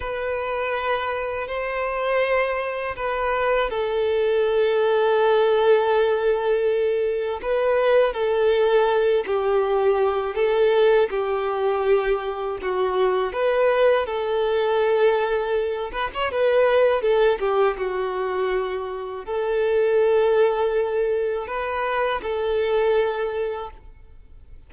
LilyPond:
\new Staff \with { instrumentName = "violin" } { \time 4/4 \tempo 4 = 81 b'2 c''2 | b'4 a'2.~ | a'2 b'4 a'4~ | a'8 g'4. a'4 g'4~ |
g'4 fis'4 b'4 a'4~ | a'4. b'16 cis''16 b'4 a'8 g'8 | fis'2 a'2~ | a'4 b'4 a'2 | }